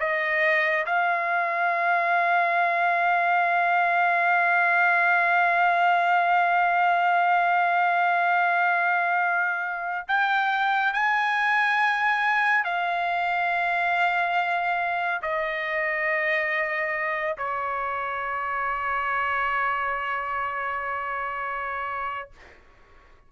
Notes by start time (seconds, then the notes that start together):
0.00 D#5
0.86 F5
10.08 G5
10.94 G#5
12.64 F5
15.22 D#5
17.38 C#5